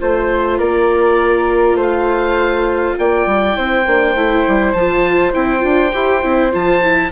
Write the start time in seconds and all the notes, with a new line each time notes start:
0.00 A3 F4 C5
0.58 A#3 A#4 D5
1.75 A3 C5
1.82 F5
2.99 A#3 D5 G5
3.26 G3
3.53 C4 E4 C5
3.87 A#3 D4
4.15 A3 E4
4.48 G3
4.73 F3 A5
4.79 F4
5.33 C4 E4 G5
5.60 D4 F4
5.93 E4 G4
6.22 C4 E4
6.52 F3 F4 A5
6.82 E4